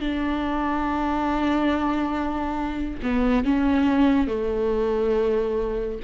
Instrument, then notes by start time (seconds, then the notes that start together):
viola
0.00 D4
3.03 B3
3.44 C#4
4.27 A3